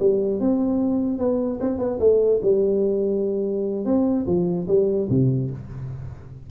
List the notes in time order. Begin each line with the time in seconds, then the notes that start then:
0.00 G3
0.40 C4
1.19 B3
1.61 C4
1.79 B3
2.00 A3
2.43 G3
3.86 C4
4.27 F3
4.68 G3
5.10 C3